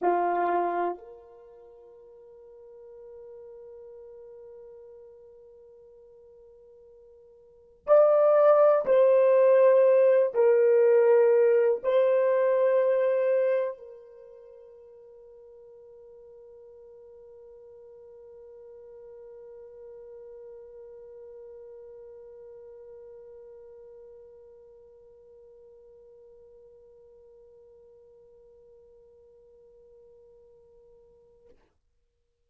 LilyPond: \new Staff \with { instrumentName = "horn" } { \time 4/4 \tempo 4 = 61 f'4 ais'2.~ | ais'1 | d''4 c''4. ais'4. | c''2 ais'2~ |
ais'1~ | ais'1~ | ais'1~ | ais'1 | }